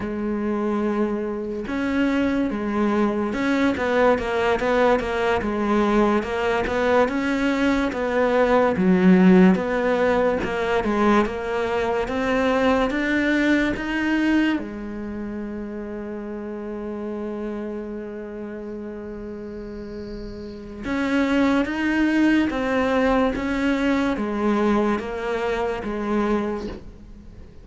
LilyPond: \new Staff \with { instrumentName = "cello" } { \time 4/4 \tempo 4 = 72 gis2 cis'4 gis4 | cis'8 b8 ais8 b8 ais8 gis4 ais8 | b8 cis'4 b4 fis4 b8~ | b8 ais8 gis8 ais4 c'4 d'8~ |
d'8 dis'4 gis2~ gis8~ | gis1~ | gis4 cis'4 dis'4 c'4 | cis'4 gis4 ais4 gis4 | }